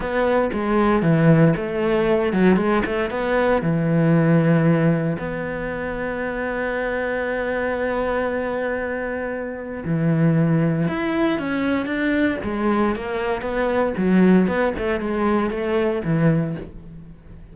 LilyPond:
\new Staff \with { instrumentName = "cello" } { \time 4/4 \tempo 4 = 116 b4 gis4 e4 a4~ | a8 fis8 gis8 a8 b4 e4~ | e2 b2~ | b1~ |
b2. e4~ | e4 e'4 cis'4 d'4 | gis4 ais4 b4 fis4 | b8 a8 gis4 a4 e4 | }